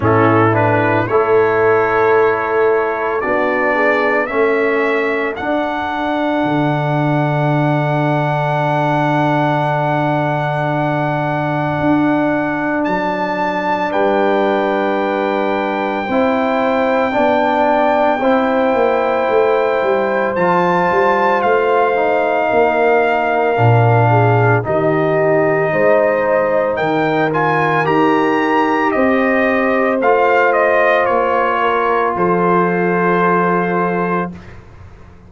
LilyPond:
<<
  \new Staff \with { instrumentName = "trumpet" } { \time 4/4 \tempo 4 = 56 a'8 b'8 cis''2 d''4 | e''4 fis''2.~ | fis''1 | a''4 g''2.~ |
g''2. a''4 | f''2. dis''4~ | dis''4 g''8 gis''8 ais''4 dis''4 | f''8 dis''8 cis''4 c''2 | }
  \new Staff \with { instrumentName = "horn" } { \time 4/4 e'4 a'2 fis'8 gis'8 | a'1~ | a'1~ | a'4 b'2 c''4 |
d''4 c''2.~ | c''4 ais'4. gis'8 g'4 | c''4 ais'2 c''4~ | c''4. ais'8 a'2 | }
  \new Staff \with { instrumentName = "trombone" } { \time 4/4 cis'8 d'8 e'2 d'4 | cis'4 d'2.~ | d'1~ | d'2. e'4 |
d'4 e'2 f'4~ | f'8 dis'4. d'4 dis'4~ | dis'4. f'8 g'2 | f'1 | }
  \new Staff \with { instrumentName = "tuba" } { \time 4/4 a,4 a2 b4 | a4 d'4 d2~ | d2. d'4 | fis4 g2 c'4 |
b4 c'8 ais8 a8 g8 f8 g8 | a4 ais4 ais,4 dis4 | gis4 dis4 dis'4 c'4 | a4 ais4 f2 | }
>>